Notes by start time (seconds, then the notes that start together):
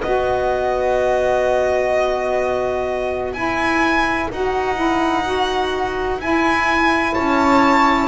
0.00 B3 F#4 B4 D#5
3.33 E4 G#5
4.31 D#4 F#4 F#5
4.75 E4
5.24 F#4
6.19 E4 G#5
7.15 C#4 C#5 A5